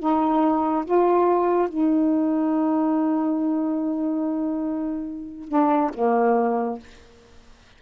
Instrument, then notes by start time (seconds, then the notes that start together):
saxophone
0.00 D#4
0.85 F4
1.69 D#4
5.49 D4
5.94 A#3